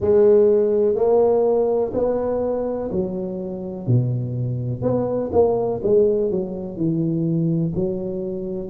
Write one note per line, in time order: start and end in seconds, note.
0.00 0.95 G#3
0.95 1.92 A#3
1.94 2.90 B3
2.91 3.87 F#3
3.87 4.81 B2
4.81 5.30 B3
5.32 5.80 A#3
5.83 6.30 G#3
6.30 6.76 F#3
6.76 7.73 E3
7.75 8.69 F#3